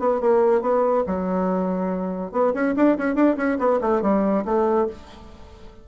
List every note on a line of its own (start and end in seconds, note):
0.00 0.21 B3
0.21 0.62 A#3
0.62 1.04 B3
1.07 2.32 F#3
2.32 2.53 B3
2.54 2.75 C#4
2.77 2.98 D4
2.98 3.16 C#4
3.16 3.37 D4
3.37 3.58 C#4
3.59 3.80 B3
3.81 4.02 A3
4.02 4.45 G3
4.46 4.88 A3